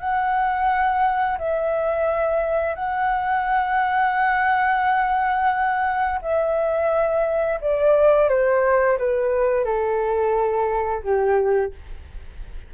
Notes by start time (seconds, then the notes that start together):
0.00 F#5
1.38 E5
2.75 F#5
6.22 E5
7.61 D5
8.29 C5
8.98 B4
9.65 A4
11.03 G4